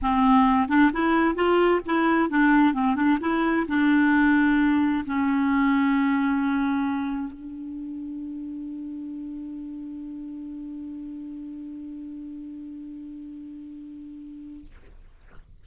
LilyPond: \new Staff \with { instrumentName = "clarinet" } { \time 4/4 \tempo 4 = 131 c'4. d'8 e'4 f'4 | e'4 d'4 c'8 d'8 e'4 | d'2. cis'4~ | cis'1 |
d'1~ | d'1~ | d'1~ | d'1 | }